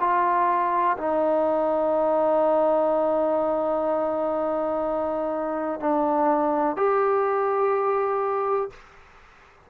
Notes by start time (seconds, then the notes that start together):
0.00 F4
0.98 D#4
5.80 D4
6.77 G4